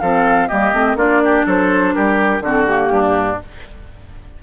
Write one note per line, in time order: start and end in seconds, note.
0.00 0.50 F3
0.00 0.50 C4
0.00 0.48 A4
0.00 0.48 F5
0.48 0.73 G3
0.48 0.73 A#3
0.48 0.97 G4
0.48 0.97 D#5
0.73 0.95 A3
0.73 0.97 C4
0.95 1.44 A#3
0.95 2.42 D4
0.95 1.22 F4
0.95 1.46 D5
1.25 1.46 G4
1.46 1.95 F#3
1.46 1.95 A4
1.46 1.94 C5
1.94 2.40 G3
1.94 2.43 G4
1.94 2.42 A#4
2.40 2.89 D3
2.40 2.67 C4
2.40 2.92 F#4
2.40 2.66 A4
2.66 3.39 A#3
2.66 3.39 G4
2.90 3.39 G2
2.90 3.43 D4